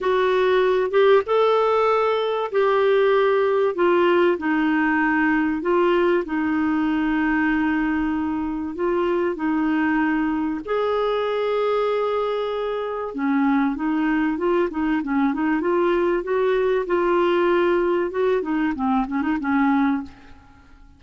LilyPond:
\new Staff \with { instrumentName = "clarinet" } { \time 4/4 \tempo 4 = 96 fis'4. g'8 a'2 | g'2 f'4 dis'4~ | dis'4 f'4 dis'2~ | dis'2 f'4 dis'4~ |
dis'4 gis'2.~ | gis'4 cis'4 dis'4 f'8 dis'8 | cis'8 dis'8 f'4 fis'4 f'4~ | f'4 fis'8 dis'8 c'8 cis'16 dis'16 cis'4 | }